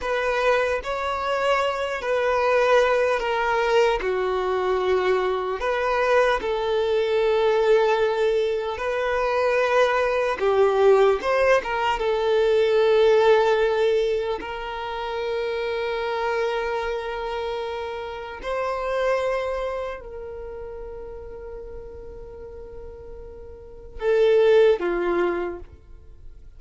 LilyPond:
\new Staff \with { instrumentName = "violin" } { \time 4/4 \tempo 4 = 75 b'4 cis''4. b'4. | ais'4 fis'2 b'4 | a'2. b'4~ | b'4 g'4 c''8 ais'8 a'4~ |
a'2 ais'2~ | ais'2. c''4~ | c''4 ais'2.~ | ais'2 a'4 f'4 | }